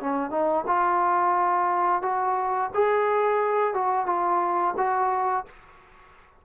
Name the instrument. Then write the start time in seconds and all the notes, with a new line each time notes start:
trombone
0.00 C#4
0.30 D#4
0.67 F4
2.02 F#4
2.74 G#4
3.74 F#4
4.06 F4
4.77 F#4